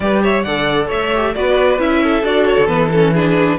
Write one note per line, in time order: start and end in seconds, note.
0.00 0.44 G3
0.00 0.46 G4
0.00 0.22 B4
0.00 0.21 D5
0.22 0.44 C#5
0.22 0.42 E5
0.42 0.90 D3
0.42 1.14 A4
0.42 0.87 D5
0.42 0.87 F#5
0.87 1.35 A3
0.87 1.31 C#5
0.87 1.35 E5
1.15 1.35 G4
1.35 1.78 B3
1.35 1.78 F#4
1.35 2.03 B4
1.35 1.79 D5
1.78 2.22 C#4
1.78 2.23 E4
1.78 2.24 E5
2.03 3.13 A4
2.22 2.56 D4
2.22 2.67 F#4
2.22 2.45 D5
2.45 2.67 C#5
2.57 2.67 D3
2.67 3.57 E3
2.67 2.89 B3
2.67 2.89 B4
2.91 3.15 C#4
2.91 3.14 A4
3.13 3.58 D4
3.13 3.58 G#4
3.13 3.58 B4